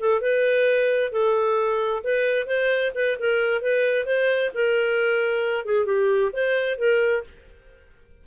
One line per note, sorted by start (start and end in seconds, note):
0.00 0.21 A4
0.21 1.12 B4
1.12 2.03 A4
2.04 2.46 B4
2.46 2.92 C5
2.95 3.17 B4
3.19 3.61 A#4
3.61 4.06 B4
4.06 4.51 C5
4.54 5.65 A#4
5.65 5.85 G#4
5.85 6.31 G4
6.33 6.78 C5
6.78 7.23 A#4